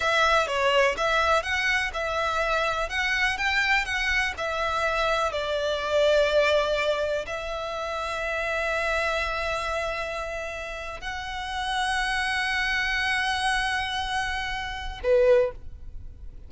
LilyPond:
\new Staff \with { instrumentName = "violin" } { \time 4/4 \tempo 4 = 124 e''4 cis''4 e''4 fis''4 | e''2 fis''4 g''4 | fis''4 e''2 d''4~ | d''2. e''4~ |
e''1~ | e''2~ e''8. fis''4~ fis''16~ | fis''1~ | fis''2. b'4 | }